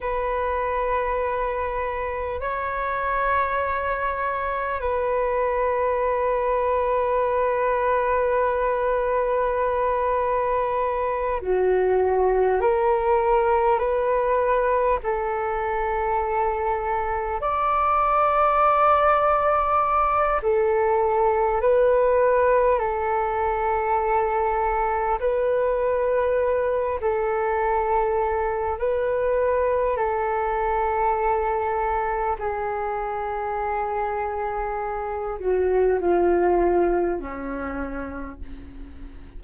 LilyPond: \new Staff \with { instrumentName = "flute" } { \time 4/4 \tempo 4 = 50 b'2 cis''2 | b'1~ | b'4. fis'4 ais'4 b'8~ | b'8 a'2 d''4.~ |
d''4 a'4 b'4 a'4~ | a'4 b'4. a'4. | b'4 a'2 gis'4~ | gis'4. fis'8 f'4 cis'4 | }